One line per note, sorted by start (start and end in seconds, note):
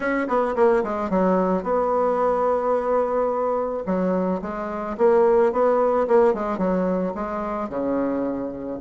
0.00 0.27 C#4
0.28 0.55 B3
0.55 0.83 A#3
0.83 1.10 G#3
1.10 1.63 F#3
1.63 3.83 B3
3.86 4.41 F#3
4.41 4.96 G#3
4.97 5.52 A#3
5.52 6.07 B3
6.07 6.34 A#3
6.34 6.58 G#3
6.58 7.13 F#3
7.15 7.69 G#3
7.69 8.79 C#3